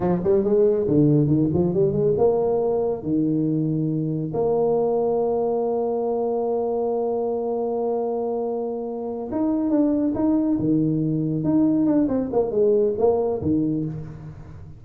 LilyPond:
\new Staff \with { instrumentName = "tuba" } { \time 4/4 \tempo 4 = 139 f8 g8 gis4 d4 dis8 f8 | g8 gis8 ais2 dis4~ | dis2 ais2~ | ais1~ |
ais1~ | ais4. dis'4 d'4 dis'8~ | dis'8 dis2 dis'4 d'8 | c'8 ais8 gis4 ais4 dis4 | }